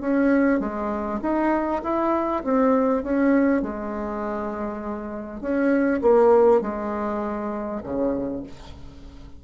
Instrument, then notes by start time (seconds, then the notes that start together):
bassoon
0.00 C#4
0.59 G#3
1.22 D#4
1.82 E4
2.44 C4
3.03 C#4
3.62 G#3
5.41 C#4
6.01 A#3
6.61 G#3
7.83 C#3